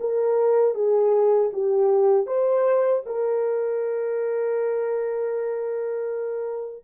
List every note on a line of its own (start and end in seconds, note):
0.00 0.74 A#4
0.74 1.50 G#4
1.53 2.26 G4
2.26 3.02 C5
3.05 6.84 A#4